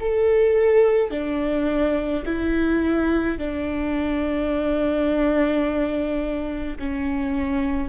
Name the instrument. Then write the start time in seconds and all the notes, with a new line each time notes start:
viola
0.00 A4
1.11 D4
2.25 E4
3.38 D4
6.79 C#4